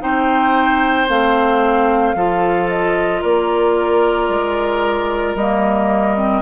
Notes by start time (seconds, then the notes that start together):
0.00 C4 D#4 C5 G5
1.09 A3 C4 F5
2.15 F3 F4 A4
2.69 D#5
3.21 A#3 A#4 D5
4.29 G#3
5.35 G3 A#3 D#5
6.17 C4